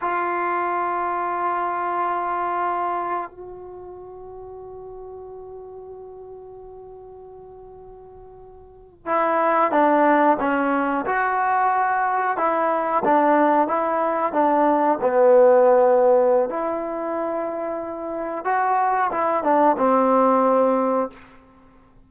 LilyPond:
\new Staff \with { instrumentName = "trombone" } { \time 4/4 \tempo 4 = 91 f'1~ | f'4 fis'2.~ | fis'1~ | fis'4.~ fis'16 e'4 d'4 cis'16~ |
cis'8. fis'2 e'4 d'16~ | d'8. e'4 d'4 b4~ b16~ | b4 e'2. | fis'4 e'8 d'8 c'2 | }